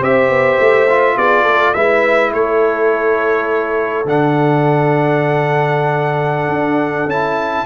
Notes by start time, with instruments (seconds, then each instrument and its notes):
0.00 tuba C4, trombone G4, horn C5, trumpet E5
0.29 tuba B3
0.59 tuba A3
0.90 trombone F4
1.17 tuba B3, horn G#4, trumpet D5
1.43 tuba A3, horn A4
1.74 tuba G#3, trombone E4, horn B4, trumpet E5
2.32 tuba A3, horn A4, trumpet C#5
4.05 tuba D3, trombone D4, trumpet F#5
6.49 tuba D4
7.06 tuba C#4, trombone E4, trumpet A5